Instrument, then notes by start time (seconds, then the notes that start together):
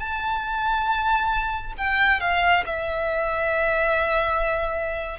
violin
0.00 A5
1.78 G5
2.21 F5
2.66 E5